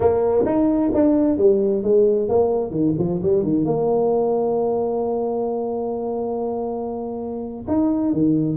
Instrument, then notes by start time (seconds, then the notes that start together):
tuba
0.00 A#3
0.45 D#4
0.93 D4
1.37 G3
1.83 G#3
2.28 A#3
2.70 D#3
2.98 F3
3.22 G3
3.43 D#3
3.64 A#3
7.67 D#4
8.12 D#3